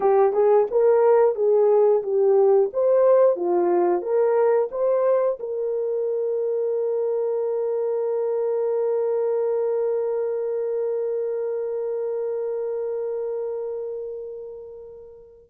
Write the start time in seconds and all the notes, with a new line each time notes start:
0.00 G4
0.32 G#4
0.70 A#4
1.35 G#4
2.02 G4
2.73 C5
3.36 F4
4.01 A#4
4.71 C5
5.39 A#4